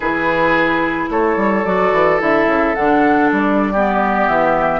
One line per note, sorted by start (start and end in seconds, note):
0.00 1.09 E3
0.00 1.65 E4
0.00 1.09 G#4
0.00 1.07 B4
1.09 1.36 A3
1.09 3.72 A4
1.09 1.65 C#5
1.36 1.64 G3
1.65 1.92 F#3
1.65 2.19 F#4
1.65 2.20 D5
1.92 2.19 E3
2.19 2.46 D3
2.19 2.74 E4
2.19 2.74 E5
2.46 2.73 C#3
2.74 3.31 D3
2.74 3.74 D4
2.74 3.29 F#5
3.31 4.28 G3
3.31 4.28 D5
3.72 4.80 B3
3.72 4.80 G4
4.28 4.80 E3
4.28 4.80 E5